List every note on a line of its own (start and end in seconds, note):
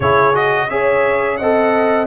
0.00 0.70 C#3
0.00 0.34 E4
0.00 0.67 G#4
0.00 0.35 C#5
0.34 0.68 F#4
0.34 0.70 D#5
0.70 1.39 C#4
0.70 1.39 G#4
0.70 1.38 C#5
0.70 1.37 E5
1.37 2.06 C4
1.37 2.06 A4
1.37 2.06 D#5
1.37 2.06 F#5